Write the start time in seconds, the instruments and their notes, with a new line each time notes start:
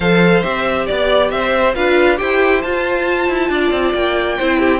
0.00 cello F3, viola A4, violin C5 F5
0.42 cello C4, viola G4, violin E5
0.85 cello B3, violin D5
1.30 cello C4, violin C5 E5
1.74 cello D4, viola F4, violin B4 F5
2.16 cello E4, viola G4, violin C5 G5
2.62 cello F4, viola F4, violin A5
3.28 cello E4
3.49 cello D4, violin D5
3.71 cello C4
3.93 cello A#3, violin G5
4.37 cello C4, viola E4, violin C5
4.59 violin G4